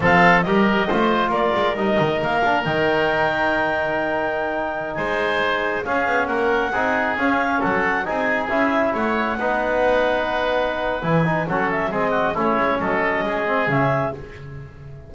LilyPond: <<
  \new Staff \with { instrumentName = "clarinet" } { \time 4/4 \tempo 4 = 136 f''4 dis''2 d''4 | dis''4 f''4 g''2~ | g''2.~ g''16 gis''8.~ | gis''4~ gis''16 f''4 fis''4.~ fis''16~ |
fis''16 f''4 fis''4 gis''4 e''8.~ | e''16 fis''2.~ fis''8.~ | fis''4 gis''4 fis''8 e''8 dis''4 | cis''4 dis''2 e''4 | }
  \new Staff \with { instrumentName = "oboe" } { \time 4/4 a'4 ais'4 c''4 ais'4~ | ais'1~ | ais'2.~ ais'16 c''8.~ | c''4~ c''16 gis'4 ais'4 gis'8.~ |
gis'4~ gis'16 a'4 gis'4.~ gis'16~ | gis'16 cis''4 b'2~ b'8.~ | b'2 a'4 gis'8 fis'8 | e'4 a'4 gis'2 | }
  \new Staff \with { instrumentName = "trombone" } { \time 4/4 c'4 g'4 f'2 | dis'4. d'8 dis'2~ | dis'1~ | dis'4~ dis'16 cis'2 dis'8.~ |
dis'16 cis'2 dis'4 e'8.~ | e'4~ e'16 dis'2~ dis'8.~ | dis'4 e'8 dis'8 cis'4 c'4 | cis'2~ cis'8 c'8 cis'4 | }
  \new Staff \with { instrumentName = "double bass" } { \time 4/4 f4 g4 a4 ais8 gis8 | g8 dis8 ais4 dis2~ | dis2.~ dis16 gis8.~ | gis4~ gis16 cis'8 b8 ais4 c'8.~ |
c'16 cis'4 fis4 c'4 cis'8.~ | cis'16 a4 b2~ b8.~ | b4 e4 fis4 gis4 | a8 gis8 fis4 gis4 cis4 | }
>>